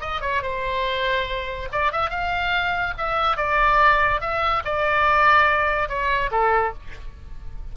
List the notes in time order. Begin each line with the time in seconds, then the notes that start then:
0.00 D#5
0.21 C#5
0.42 C5
1.72 D5
1.91 E5
2.09 F5
2.97 E5
3.37 D5
4.20 E5
4.64 D5
5.88 C#5
6.31 A4